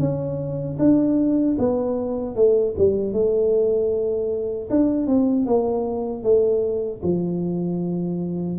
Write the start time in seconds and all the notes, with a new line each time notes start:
0.00 C#4
0.79 D4
1.58 B3
2.36 A3
2.78 G3
3.13 A3
4.70 D4
5.07 C4
5.46 A#3
6.23 A3
7.03 F3